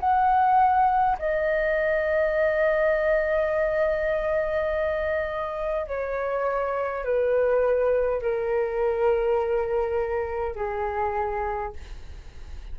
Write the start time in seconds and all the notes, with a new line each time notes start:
0.00 F#5
1.19 D#5
5.88 C#5
7.05 B4
8.22 A#4
10.56 G#4